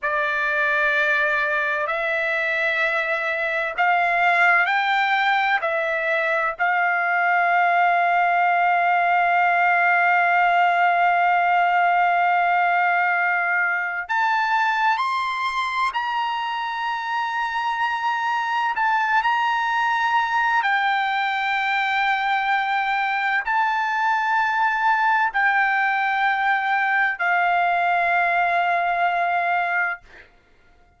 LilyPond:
\new Staff \with { instrumentName = "trumpet" } { \time 4/4 \tempo 4 = 64 d''2 e''2 | f''4 g''4 e''4 f''4~ | f''1~ | f''2. a''4 |
c'''4 ais''2. | a''8 ais''4. g''2~ | g''4 a''2 g''4~ | g''4 f''2. | }